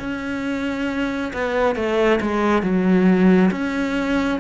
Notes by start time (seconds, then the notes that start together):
0.00 C#4
1.34 B3
1.76 A3
2.21 G#3
2.62 F#3
3.51 C#4